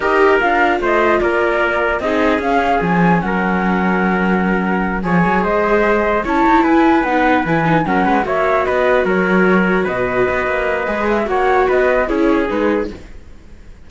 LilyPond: <<
  \new Staff \with { instrumentName = "flute" } { \time 4/4 \tempo 4 = 149 dis''4 f''4 dis''4 d''4~ | d''4 dis''4 f''4 gis''4 | fis''1~ | fis''8 gis''4 dis''2 a''8~ |
a''8 gis''4 fis''4 gis''4 fis''8~ | fis''8 e''4 dis''4 cis''4.~ | cis''8 dis''2. e''8 | fis''4 dis''4 cis''4 b'4 | }
  \new Staff \with { instrumentName = "trumpet" } { \time 4/4 ais'2 c''4 ais'4~ | ais'4 gis'2. | ais'1~ | ais'8 cis''4 c''2 cis''8~ |
cis''8 b'2. ais'8 | b'8 cis''4 b'4 ais'4.~ | ais'8 b'2.~ b'8 | cis''4 b'4 gis'2 | }
  \new Staff \with { instrumentName = "viola" } { \time 4/4 g'4 f'2.~ | f'4 dis'4 cis'2~ | cis'1~ | cis'8 gis'2. e'8~ |
e'4. dis'4 e'8 dis'8 cis'8~ | cis'8 fis'2.~ fis'8~ | fis'2. gis'4 | fis'2 e'4 dis'4 | }
  \new Staff \with { instrumentName = "cello" } { \time 4/4 dis'4 d'4 a4 ais4~ | ais4 c'4 cis'4 f4 | fis1~ | fis8 f8 fis8 gis2 cis'8 |
dis'8 e'4 b4 e4 fis8 | gis8 ais4 b4 fis4.~ | fis8 b,4 b8 ais4 gis4 | ais4 b4 cis'4 gis4 | }
>>